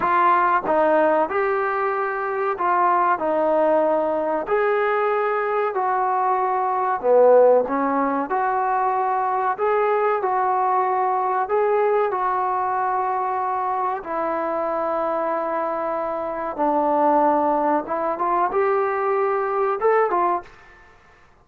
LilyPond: \new Staff \with { instrumentName = "trombone" } { \time 4/4 \tempo 4 = 94 f'4 dis'4 g'2 | f'4 dis'2 gis'4~ | gis'4 fis'2 b4 | cis'4 fis'2 gis'4 |
fis'2 gis'4 fis'4~ | fis'2 e'2~ | e'2 d'2 | e'8 f'8 g'2 a'8 f'8 | }